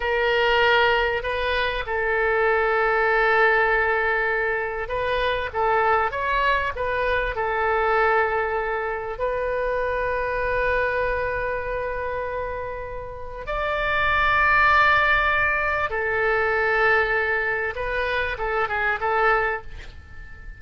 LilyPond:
\new Staff \with { instrumentName = "oboe" } { \time 4/4 \tempo 4 = 98 ais'2 b'4 a'4~ | a'1 | b'4 a'4 cis''4 b'4 | a'2. b'4~ |
b'1~ | b'2 d''2~ | d''2 a'2~ | a'4 b'4 a'8 gis'8 a'4 | }